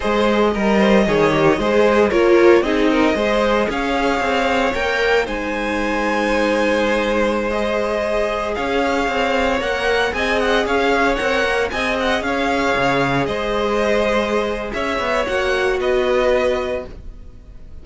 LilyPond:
<<
  \new Staff \with { instrumentName = "violin" } { \time 4/4 \tempo 4 = 114 dis''1 | cis''4 dis''2 f''4~ | f''4 g''4 gis''2~ | gis''2~ gis''16 dis''4.~ dis''16~ |
dis''16 f''2 fis''4 gis''8 fis''16~ | fis''16 f''4 fis''4 gis''8 fis''8 f''8.~ | f''4~ f''16 dis''2~ dis''8. | e''4 fis''4 dis''2 | }
  \new Staff \with { instrumentName = "violin" } { \time 4/4 c''4 ais'8 c''8 cis''4 c''4 | ais'4 gis'8 ais'8 c''4 cis''4~ | cis''2 c''2~ | c''1~ |
c''16 cis''2. dis''8.~ | dis''16 cis''2 dis''4 cis''8.~ | cis''4~ cis''16 c''2~ c''8. | cis''2 b'2 | }
  \new Staff \with { instrumentName = "viola" } { \time 4/4 gis'4 ais'4 gis'8 g'8 gis'4 | f'4 dis'4 gis'2~ | gis'4 ais'4 dis'2~ | dis'2~ dis'16 gis'4.~ gis'16~ |
gis'2~ gis'16 ais'4 gis'8.~ | gis'4~ gis'16 ais'4 gis'4.~ gis'16~ | gis'1~ | gis'4 fis'2. | }
  \new Staff \with { instrumentName = "cello" } { \time 4/4 gis4 g4 dis4 gis4 | ais4 c'4 gis4 cis'4 | c'4 ais4 gis2~ | gis1~ |
gis16 cis'4 c'4 ais4 c'8.~ | c'16 cis'4 c'8 ais8 c'4 cis'8.~ | cis'16 cis4 gis2~ gis8. | cis'8 b8 ais4 b2 | }
>>